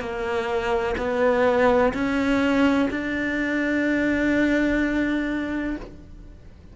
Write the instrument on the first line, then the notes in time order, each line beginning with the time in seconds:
cello
0.00 A#3
0.98 B3
1.94 C#4
2.91 D4